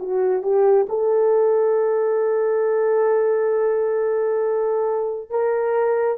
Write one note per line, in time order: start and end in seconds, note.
0.00 0.43 F#4
0.43 0.87 G4
0.89 5.30 A4
5.30 6.18 A#4